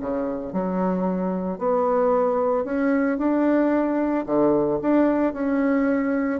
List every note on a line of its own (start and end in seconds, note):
0.00 0.52 C#3
0.52 1.58 F#3
1.58 2.64 B3
2.64 3.18 C#4
3.18 4.25 D4
4.26 4.79 D3
4.81 5.33 D4
5.33 6.40 C#4